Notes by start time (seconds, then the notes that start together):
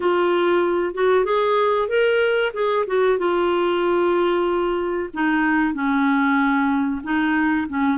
0.00 F4
0.94 F#4
1.24 G#4
1.88 A#4
2.53 G#4
2.86 F#4
3.18 F4
5.13 D#4
5.74 C#4
7.03 D#4
7.68 C#4